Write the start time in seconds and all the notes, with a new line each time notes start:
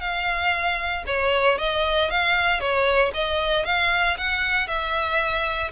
0.00 F5
1.06 C#5
1.58 D#5
2.10 F5
2.60 C#5
3.14 D#5
3.65 F5
4.17 F#5
4.67 E5